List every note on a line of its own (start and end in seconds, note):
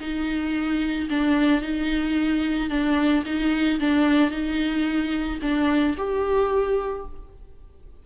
0.00 1.08 D#4
1.10 1.61 D4
1.61 2.69 D#4
2.69 3.23 D4
3.25 3.79 D#4
3.79 4.30 D4
4.30 5.38 D#4
5.41 5.95 D4
5.97 7.05 G4